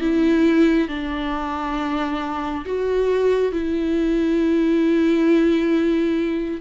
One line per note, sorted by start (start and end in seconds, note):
0.00 0.88 E4
0.88 2.64 D4
2.65 3.52 F#4
3.52 6.61 E4